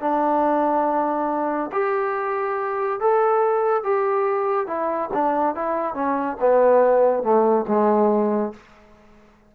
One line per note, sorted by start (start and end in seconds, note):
0.00 1.70 D4
1.72 3.00 G4
3.00 3.83 A4
3.83 4.67 G4
4.67 5.09 E4
5.13 5.55 D4
5.55 5.94 E4
5.94 6.37 C#4
6.40 7.23 B3
7.23 7.65 A3
7.68 8.53 G#3